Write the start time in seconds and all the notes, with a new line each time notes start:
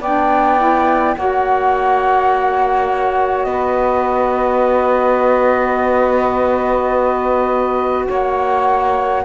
0.00 B3 D4 D5 G5
0.58 E4
1.16 A#3 F#4 C#5 F#5
3.43 B3 B4 D#5
8.08 A#3 C#5 F#5